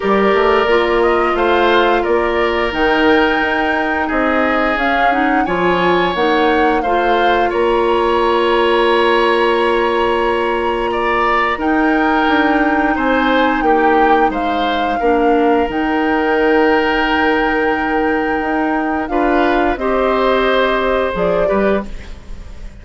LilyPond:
<<
  \new Staff \with { instrumentName = "flute" } { \time 4/4 \tempo 4 = 88 d''4. dis''8 f''4 d''4 | g''2 dis''4 f''8 fis''8 | gis''4 fis''4 f''4 ais''4~ | ais''1~ |
ais''4 g''2 gis''4 | g''4 f''2 g''4~ | g''1 | f''4 dis''2 d''4 | }
  \new Staff \with { instrumentName = "oboe" } { \time 4/4 ais'2 c''4 ais'4~ | ais'2 gis'2 | cis''2 c''4 cis''4~ | cis''1 |
d''4 ais'2 c''4 | g'4 c''4 ais'2~ | ais'1 | b'4 c''2~ c''8 b'8 | }
  \new Staff \with { instrumentName = "clarinet" } { \time 4/4 g'4 f'2. | dis'2. cis'8 dis'8 | f'4 dis'4 f'2~ | f'1~ |
f'4 dis'2.~ | dis'2 d'4 dis'4~ | dis'1 | f'4 g'2 gis'8 g'8 | }
  \new Staff \with { instrumentName = "bassoon" } { \time 4/4 g8 a8 ais4 a4 ais4 | dis4 dis'4 c'4 cis'4 | f4 ais4 a4 ais4~ | ais1~ |
ais4 dis'4 d'4 c'4 | ais4 gis4 ais4 dis4~ | dis2. dis'4 | d'4 c'2 f8 g8 | }
>>